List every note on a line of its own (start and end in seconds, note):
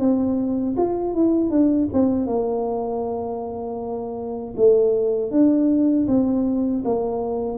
0.00 0.76 C4
0.77 1.15 F4
1.15 1.51 E4
1.51 1.88 D4
1.93 2.27 C4
2.27 4.55 A#3
4.57 5.31 A3
5.31 6.07 D4
6.08 6.84 C4
6.85 7.58 A#3